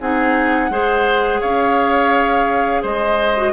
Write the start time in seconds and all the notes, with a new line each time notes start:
0.00 C4 D#4 G#4 F#5
0.70 G#3 G#4 C5
1.41 C#4 C#5 F5
2.82 G#3 C5 D#5
3.36 F#4